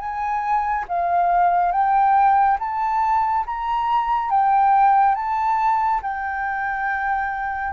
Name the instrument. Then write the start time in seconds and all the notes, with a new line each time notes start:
flute
0.00 G#5
0.89 F5
1.73 G5
2.60 A5
3.47 A#5
4.31 G5
5.16 A5
6.03 G5